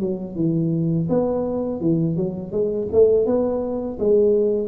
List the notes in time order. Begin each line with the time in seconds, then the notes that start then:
0.00 F#3
0.35 E3
1.09 B3
1.81 E3
2.17 F#3
2.52 G#3
2.92 A3
3.26 B3
3.99 G#3